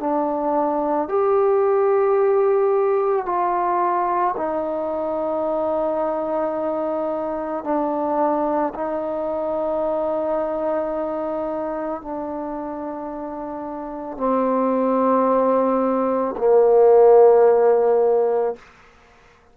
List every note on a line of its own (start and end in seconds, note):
0.00 1.09 D4
1.09 3.26 G4
3.26 4.35 F4
4.37 7.64 D#4
7.65 8.74 D4
8.75 12.02 D#4
12.02 14.17 D4
14.17 16.35 C4
16.38 18.56 A#3